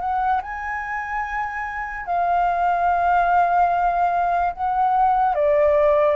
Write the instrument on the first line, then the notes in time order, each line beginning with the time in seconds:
flute
0.00 F#5
0.42 G#5
2.06 F5
4.53 F#5
5.35 D5